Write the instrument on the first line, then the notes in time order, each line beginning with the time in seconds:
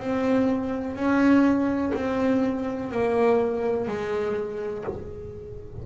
double bass
0.00 C4
0.95 C#4
1.94 C4
2.91 A#3
3.88 G#3